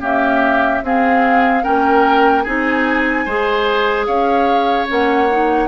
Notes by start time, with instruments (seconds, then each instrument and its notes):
0.00 clarinet A#3, bassoon C#4, oboe G4, flute E5
0.82 bassoon C4, clarinet C4, oboe G#4, flute F5
1.62 bassoon A#3, clarinet C#4, oboe A#4, flute G5
2.43 bassoon C4, clarinet D#4, oboe G#4, flute G#5
3.25 bassoon G#3, clarinet G#4, oboe C5
4.06 bassoon C#4, oboe C#5, flute F5
4.87 bassoon A#3, clarinet C#4, flute F#5
5.30 clarinet D#4